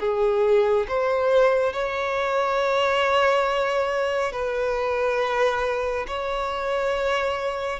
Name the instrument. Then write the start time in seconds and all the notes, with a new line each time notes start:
violin
0.00 G#4
0.89 C5
1.73 C#5
4.32 B4
6.08 C#5